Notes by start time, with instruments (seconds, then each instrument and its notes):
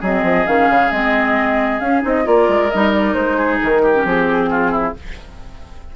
0.00 bassoon F#3, clarinet C4, oboe G#4, flute D#5
0.23 bassoon F3
0.46 bassoon D#3, clarinet C#4, flute F5
0.69 bassoon C#3
0.91 bassoon G#3, clarinet C4, flute D#5
1.79 bassoon C#4, clarinet C#4, flute F5
2.01 bassoon C4, clarinet D#4, flute D#5
2.24 bassoon A#3, clarinet F4, oboe A#4, flute D5
2.48 bassoon G#3
2.71 bassoon G3, clarinet D#4, flute D#5
2.93 flute D5
3.14 bassoon G#3, flute C5
3.37 oboe G#4
3.62 bassoon D#3, flute A#4
3.82 oboe G4
3.94 clarinet C#4
4.04 bassoon F3, clarinet C4, flute G#4
4.50 oboe F4
4.71 oboe E4